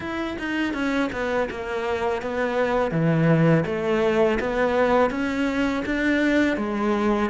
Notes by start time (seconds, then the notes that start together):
0.00 E4
0.39 D#4
0.73 C#4
1.12 B3
1.50 A#3
2.22 B3
2.91 E3
3.65 A3
4.40 B3
5.10 C#4
5.85 D4
6.57 G#3